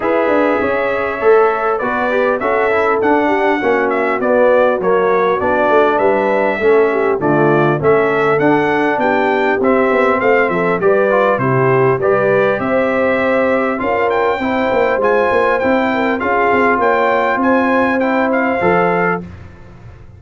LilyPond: <<
  \new Staff \with { instrumentName = "trumpet" } { \time 4/4 \tempo 4 = 100 e''2. d''4 | e''4 fis''4. e''8 d''4 | cis''4 d''4 e''2 | d''4 e''4 fis''4 g''4 |
e''4 f''8 e''8 d''4 c''4 | d''4 e''2 f''8 g''8~ | g''4 gis''4 g''4 f''4 | g''4 gis''4 g''8 f''4. | }
  \new Staff \with { instrumentName = "horn" } { \time 4/4 b'4 cis''2 b'4 | a'4. g'8 fis'2~ | fis'2 b'4 a'8 g'8 | f'4 a'2 g'4~ |
g'4 c''8 a'8 b'4 g'4 | b'4 c''2 ais'4 | c''2~ c''8 ais'8 gis'4 | cis''4 c''2. | }
  \new Staff \with { instrumentName = "trombone" } { \time 4/4 gis'2 a'4 fis'8 g'8 | fis'8 e'8 d'4 cis'4 b4 | ais4 d'2 cis'4 | a4 cis'4 d'2 |
c'2 g'8 f'8 e'4 | g'2. f'4 | e'4 f'4 e'4 f'4~ | f'2 e'4 a'4 | }
  \new Staff \with { instrumentName = "tuba" } { \time 4/4 e'8 d'8 cis'4 a4 b4 | cis'4 d'4 ais4 b4 | fis4 b8 a8 g4 a4 | d4 a4 d'4 b4 |
c'8 b8 a8 f8 g4 c4 | g4 c'2 cis'4 | c'8 ais8 gis8 ais8 c'4 cis'8 c'8 | ais4 c'2 f4 | }
>>